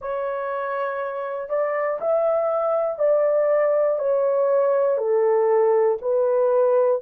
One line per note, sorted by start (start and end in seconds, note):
0.01 1.49 C#5
1.49 1.99 D5
2.00 2.99 E5
2.99 3.99 D5
3.99 4.97 C#5
4.97 5.97 A4
6.01 7.01 B4